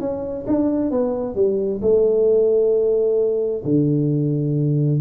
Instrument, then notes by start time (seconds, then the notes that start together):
tuba
0.00 C#4
0.47 D4
0.91 B3
1.35 G3
1.81 A3
3.64 D3